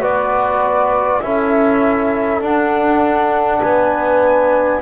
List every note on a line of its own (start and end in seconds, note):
0.00 1.20 B3
0.00 1.21 F#4
0.00 1.21 B4
0.00 1.20 D5
1.20 2.41 C#4
1.20 2.42 E4
1.20 3.60 A4
1.20 2.40 E5
2.41 3.60 D4
2.41 4.81 D4
2.41 3.60 F#5
3.60 4.81 B3
3.60 4.80 B4
3.60 4.80 G#5